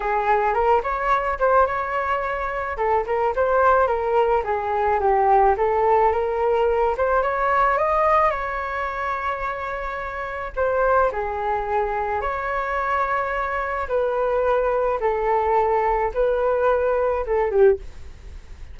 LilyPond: \new Staff \with { instrumentName = "flute" } { \time 4/4 \tempo 4 = 108 gis'4 ais'8 cis''4 c''8 cis''4~ | cis''4 a'8 ais'8 c''4 ais'4 | gis'4 g'4 a'4 ais'4~ | ais'8 c''8 cis''4 dis''4 cis''4~ |
cis''2. c''4 | gis'2 cis''2~ | cis''4 b'2 a'4~ | a'4 b'2 a'8 g'8 | }